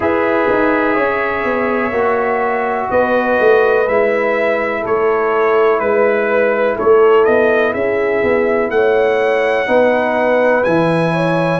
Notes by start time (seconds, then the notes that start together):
0.00 E4 G#4 B4 E5
0.49 D#4
0.94 C#4 C#5
1.44 B3
1.91 A#3 F#4
2.90 B3 B4 D#5
3.39 A3
3.87 G#3 E4 E5
4.81 A3 A4 C#5
5.79 G#3 B4
6.75 A3 A4 C#5
7.25 B3 D#5
7.72 C#4 G#4 E5
8.23 B3
8.70 A3 C#5 F#5
9.66 B3 D#4 B4
10.64 E3 E4 G#5
11.13 C#5